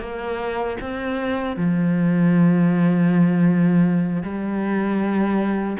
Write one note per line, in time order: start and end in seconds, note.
0.00 0.77 A#3
0.80 1.56 C4
1.56 4.23 F3
4.23 5.77 G3